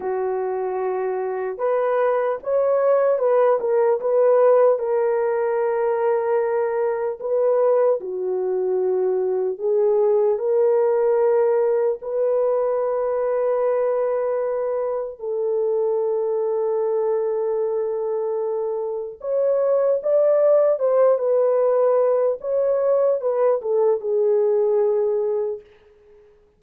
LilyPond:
\new Staff \with { instrumentName = "horn" } { \time 4/4 \tempo 4 = 75 fis'2 b'4 cis''4 | b'8 ais'8 b'4 ais'2~ | ais'4 b'4 fis'2 | gis'4 ais'2 b'4~ |
b'2. a'4~ | a'1 | cis''4 d''4 c''8 b'4. | cis''4 b'8 a'8 gis'2 | }